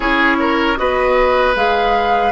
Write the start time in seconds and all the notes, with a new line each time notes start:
0.00 C#4 E4 G#4 C#5
0.39 A#4
0.76 B3 F#4 B4 D#5
1.55 G#3 G#4 F5